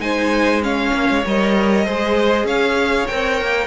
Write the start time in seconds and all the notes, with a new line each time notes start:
0.00 G#3 D#4 C5 G#5
0.63 C#4 C#5 F5
0.94 A#3
1.10 G#3
1.26 G3 A#4 D#5
1.86 G#3 G#4 C5
2.45 C#4 C#5 F5
3.07 C4 A#4 G5
3.42 A#3